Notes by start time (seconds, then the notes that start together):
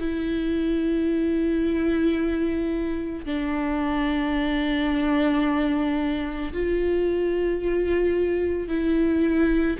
0.00 E4
3.26 D4
6.53 F4
8.68 E4